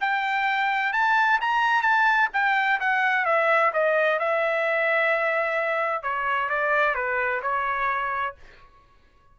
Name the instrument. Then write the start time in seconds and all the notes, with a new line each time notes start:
trumpet
0.00 G5
0.93 A5
1.40 A#5
1.81 A5
2.33 G5
2.79 F#5
3.25 E5
3.73 D#5
4.19 E5
6.02 C#5
6.49 D5
6.94 B4
7.42 C#5